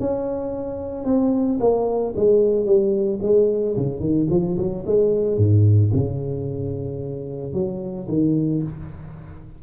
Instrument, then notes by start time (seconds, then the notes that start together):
tuba
0.00 C#4
1.05 C4
1.60 A#3
2.16 G#3
2.66 G3
3.22 G#3
3.76 C#3
4.00 D#3
4.30 F3
4.57 F#3
4.86 G#3
5.37 G#2
5.93 C#3
7.53 F#3
8.08 D#3